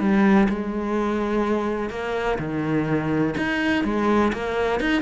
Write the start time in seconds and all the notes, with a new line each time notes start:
0.00 G3
0.49 G#3
1.90 A#3
2.38 D#3
3.38 D#4
3.85 G#3
4.33 A#3
4.80 D#4